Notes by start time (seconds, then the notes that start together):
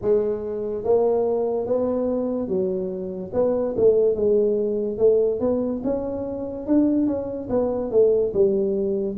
0.01 G#3
0.84 A#3
1.66 B3
2.48 F#3
3.33 B3
3.77 A3
4.15 G#3
4.98 A3
5.40 B3
5.84 C#4
6.67 D4
7.06 C#4
7.49 B3
7.91 A3
8.33 G3